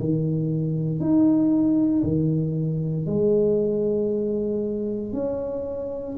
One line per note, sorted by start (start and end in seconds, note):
0.00 1.00 D#3
1.00 2.04 D#4
2.04 3.07 D#3
3.07 5.13 G#3
5.13 6.16 C#4